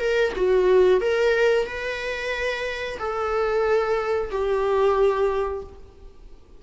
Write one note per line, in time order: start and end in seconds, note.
0.00 0.33 A#4
0.36 1.01 F#4
1.01 1.66 A#4
1.66 2.98 B4
2.99 4.30 A4
4.31 5.63 G4